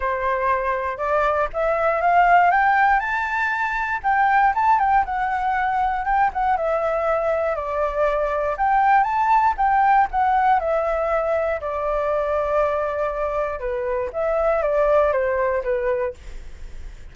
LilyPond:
\new Staff \with { instrumentName = "flute" } { \time 4/4 \tempo 4 = 119 c''2 d''4 e''4 | f''4 g''4 a''2 | g''4 a''8 g''8 fis''2 | g''8 fis''8 e''2 d''4~ |
d''4 g''4 a''4 g''4 | fis''4 e''2 d''4~ | d''2. b'4 | e''4 d''4 c''4 b'4 | }